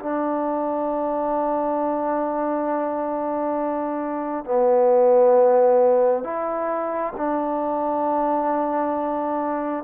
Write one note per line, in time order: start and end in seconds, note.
0.00 4.45 D4
4.45 6.24 B3
6.24 7.14 E4
7.17 9.85 D4